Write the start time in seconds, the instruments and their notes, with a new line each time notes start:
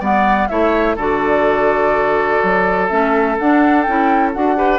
0.00 bassoon G3, clarinet B3, oboe D5, flute F#5
0.48 bassoon A3, clarinet E4, oboe C#5, flute E5
0.96 bassoon D3, clarinet F#4, oboe A4, flute D5
2.43 bassoon F#3
2.89 bassoon A3, clarinet C#4, flute E5
3.39 clarinet D4, bassoon D4, flute F#5
3.83 bassoon C#4, clarinet E4, flute G5
4.34 bassoon D4, clarinet F#4, flute F#5
4.56 clarinet G4, oboe B4